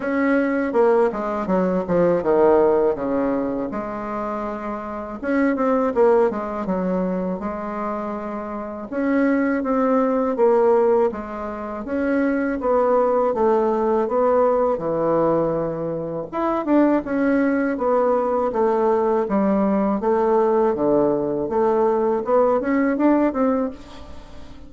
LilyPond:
\new Staff \with { instrumentName = "bassoon" } { \time 4/4 \tempo 4 = 81 cis'4 ais8 gis8 fis8 f8 dis4 | cis4 gis2 cis'8 c'8 | ais8 gis8 fis4 gis2 | cis'4 c'4 ais4 gis4 |
cis'4 b4 a4 b4 | e2 e'8 d'8 cis'4 | b4 a4 g4 a4 | d4 a4 b8 cis'8 d'8 c'8 | }